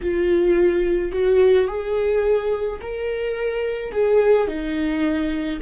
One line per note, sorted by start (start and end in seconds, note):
0.01 1.12 F4
1.12 1.67 F#4
1.67 2.79 G#4
2.81 3.92 A#4
3.92 4.47 G#4
4.47 5.59 D#4